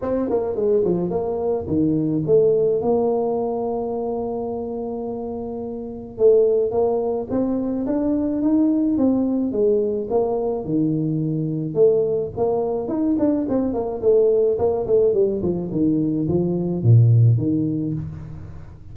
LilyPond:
\new Staff \with { instrumentName = "tuba" } { \time 4/4 \tempo 4 = 107 c'8 ais8 gis8 f8 ais4 dis4 | a4 ais2.~ | ais2. a4 | ais4 c'4 d'4 dis'4 |
c'4 gis4 ais4 dis4~ | dis4 a4 ais4 dis'8 d'8 | c'8 ais8 a4 ais8 a8 g8 f8 | dis4 f4 ais,4 dis4 | }